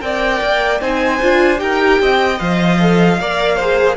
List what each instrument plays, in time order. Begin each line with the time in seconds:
0.00 cello C4, viola A#4, violin D5 G5
0.41 cello A#3
0.80 cello C4, viola D#4, violin C5 G#5
1.22 cello D4, viola F4
1.57 cello D#4, viola G4, violin A#4 G5
2.00 cello C4, violin D#5
2.38 cello F3, viola C5, violin F5
2.79 viola A4
3.19 cello A#3, viola A#4, violin D5
3.56 viola G#4, violin C5